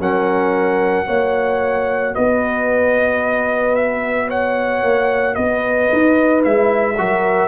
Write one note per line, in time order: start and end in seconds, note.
0.00 1.07 F#3
0.00 1.06 C#4
0.00 1.07 A#4
0.00 2.15 F#5
1.06 2.15 A#3
1.06 6.42 F#4
1.06 2.14 C#5
2.15 4.83 B3
2.15 4.28 B4
2.15 3.75 D#5
3.75 4.29 E5
4.28 5.35 C#5
4.28 5.35 F#5
4.83 5.37 A#3
5.35 5.91 B3
5.35 6.96 B4
5.35 6.42 D#5
5.93 6.46 D#4
6.42 6.99 G#3
6.42 6.95 E4
6.42 7.48 E5
6.98 7.48 F#3
6.98 7.48 F#4
6.98 7.48 A#4